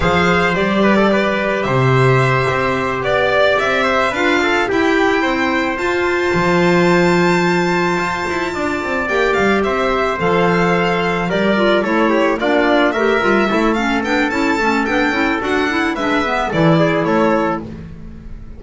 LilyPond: <<
  \new Staff \with { instrumentName = "violin" } { \time 4/4 \tempo 4 = 109 f''4 d''2 e''4~ | e''4. d''4 e''4 f''8~ | f''8 g''2 a''4.~ | a''1~ |
a''8 g''8 f''8 e''4 f''4.~ | f''8 d''4 cis''4 d''4 e''8~ | e''4 f''8 g''8 a''4 g''4 | fis''4 e''4 d''4 cis''4 | }
  \new Staff \with { instrumentName = "trumpet" } { \time 4/4 c''4. b'16 a'16 b'4 c''4~ | c''4. d''4. c''8 b'8 | a'8 g'4 c''2~ c''8~ | c''2.~ c''8 d''8~ |
d''4. c''2~ c''8~ | c''8 ais'4 a'8 g'8 f'4 ais'8~ | ais'8 a'2.~ a'8~ | a'4 b'4 a'8 gis'8 a'4 | }
  \new Staff \with { instrumentName = "clarinet" } { \time 4/4 gis'4 g'2.~ | g'2.~ g'8 f'8~ | f'8 e'2 f'4.~ | f'1~ |
f'8 g'2 a'4.~ | a'8 g'8 f'8 e'4 d'4 g'8 | f'8 e'8 cis'8 d'8 e'8 cis'8 d'8 e'8 | fis'8 e'8 d'8 b8 e'2 | }
  \new Staff \with { instrumentName = "double bass" } { \time 4/4 f4 g2 c4~ | c8 c'4 b4 c'4 d'8~ | d'8 e'4 c'4 f'4 f8~ | f2~ f8 f'8 e'8 d'8 |
c'8 ais8 g8 c'4 f4.~ | f8 g4 a4 ais4 a8 | g8 a4 b8 cis'8 a8 b8 cis'8 | d'4 gis4 e4 a4 | }
>>